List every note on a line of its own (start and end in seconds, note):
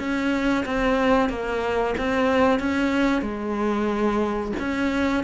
0.00 0.65 C#4
0.66 1.30 C4
1.30 1.95 A#3
1.98 2.60 C4
2.60 3.23 C#4
3.23 4.53 G#3
4.60 5.24 C#4